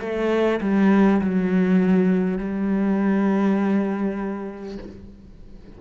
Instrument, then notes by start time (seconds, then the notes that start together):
cello
0.00 A3
0.61 G3
1.21 F#3
2.38 G3